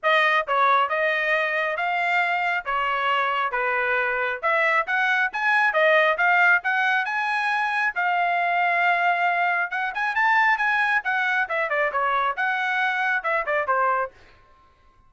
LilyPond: \new Staff \with { instrumentName = "trumpet" } { \time 4/4 \tempo 4 = 136 dis''4 cis''4 dis''2 | f''2 cis''2 | b'2 e''4 fis''4 | gis''4 dis''4 f''4 fis''4 |
gis''2 f''2~ | f''2 fis''8 gis''8 a''4 | gis''4 fis''4 e''8 d''8 cis''4 | fis''2 e''8 d''8 c''4 | }